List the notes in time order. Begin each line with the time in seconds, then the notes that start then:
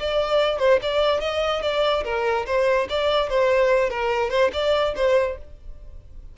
0.00 D5
0.60 C5
0.83 D5
1.21 D#5
1.63 D5
2.05 A#4
2.47 C5
2.90 D5
3.30 C5
3.90 A#4
4.31 C5
4.53 D5
4.96 C5